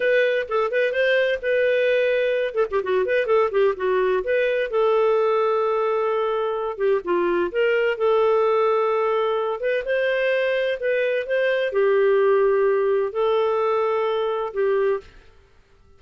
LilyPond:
\new Staff \with { instrumentName = "clarinet" } { \time 4/4 \tempo 4 = 128 b'4 a'8 b'8 c''4 b'4~ | b'4. a'16 g'16 fis'8 b'8 a'8 g'8 | fis'4 b'4 a'2~ | a'2~ a'8 g'8 f'4 |
ais'4 a'2.~ | a'8 b'8 c''2 b'4 | c''4 g'2. | a'2. g'4 | }